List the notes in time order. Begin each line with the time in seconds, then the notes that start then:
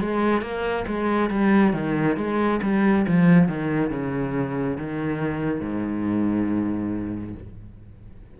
0.00 G#3
0.42 A#3
0.87 G#3
1.30 G3
1.73 D#3
2.17 G#3
2.62 G3
3.07 F3
3.48 D#3
3.90 C#3
4.77 D#3
5.60 G#2